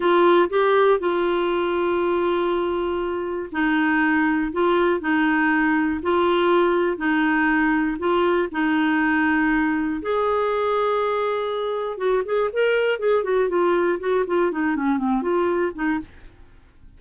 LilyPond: \new Staff \with { instrumentName = "clarinet" } { \time 4/4 \tempo 4 = 120 f'4 g'4 f'2~ | f'2. dis'4~ | dis'4 f'4 dis'2 | f'2 dis'2 |
f'4 dis'2. | gis'1 | fis'8 gis'8 ais'4 gis'8 fis'8 f'4 | fis'8 f'8 dis'8 cis'8 c'8 f'4 dis'8 | }